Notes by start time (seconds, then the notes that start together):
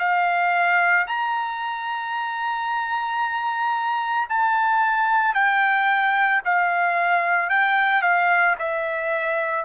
0.00 F5
1.08 A#5
4.30 A5
5.35 G5
6.45 F5
7.50 G5
8.03 F5
8.60 E5